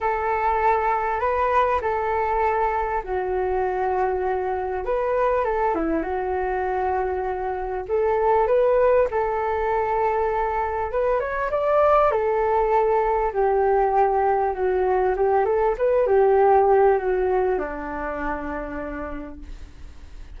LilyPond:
\new Staff \with { instrumentName = "flute" } { \time 4/4 \tempo 4 = 99 a'2 b'4 a'4~ | a'4 fis'2. | b'4 a'8 e'8 fis'2~ | fis'4 a'4 b'4 a'4~ |
a'2 b'8 cis''8 d''4 | a'2 g'2 | fis'4 g'8 a'8 b'8 g'4. | fis'4 d'2. | }